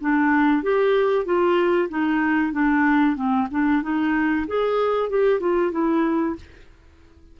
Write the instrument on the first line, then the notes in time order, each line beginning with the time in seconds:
clarinet
0.00 D4
0.62 G4
1.25 F4
1.89 D#4
2.52 D4
3.15 C4
3.50 D4
3.82 D#4
4.47 G#4
5.09 G4
5.39 F4
5.71 E4